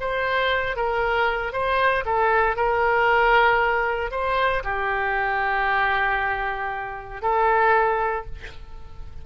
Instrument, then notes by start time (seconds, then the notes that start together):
oboe
0.00 C5
0.76 A#4
1.53 C5
2.05 A4
2.56 A#4
4.11 C5
4.64 G4
7.22 A4